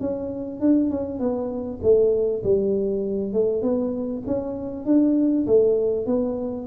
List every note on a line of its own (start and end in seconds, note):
0.00 0.60 C#4
0.60 0.90 D4
0.90 1.19 C#4
1.19 1.80 B3
1.82 2.43 A3
2.43 3.33 G3
3.33 3.62 A3
3.62 4.23 B3
4.26 4.85 C#4
4.85 5.46 D4
5.46 6.06 A3
6.06 6.67 B3